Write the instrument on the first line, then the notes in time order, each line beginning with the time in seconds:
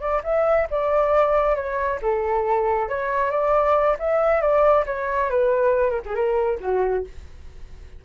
flute
0.00 D5
0.24 E5
0.71 D5
1.55 C#5
2.02 A4
2.89 C#5
3.31 D5
3.99 E5
4.41 D5
4.86 C#5
5.30 B4
5.90 A#4
6.06 G#4
6.15 A#4
6.60 F#4